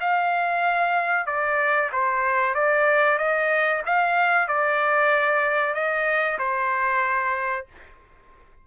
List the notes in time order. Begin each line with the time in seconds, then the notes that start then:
0.00 F5
1.26 D5
1.92 C5
2.54 D5
3.18 D#5
3.86 F5
4.47 D5
5.74 D#5
6.38 C5